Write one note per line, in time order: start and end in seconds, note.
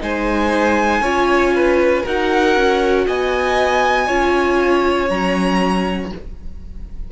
0.00 1.01 G#3
0.00 1.02 D#4
0.00 1.02 C5
0.00 2.06 G#5
1.01 2.03 C#4
1.01 2.05 F4
1.01 1.53 C#5
1.56 2.03 B4
2.03 2.56 D#4
2.03 4.09 F#4
2.03 3.05 A#4
2.03 3.08 F#5
2.56 3.07 C#4
3.08 4.09 B3
3.08 4.07 D#5
3.08 5.10 G#5
4.07 5.10 C#4
4.07 5.09 F4
4.07 6.11 C#5
5.09 6.12 F#3
5.09 6.11 C#4
5.09 6.11 A#5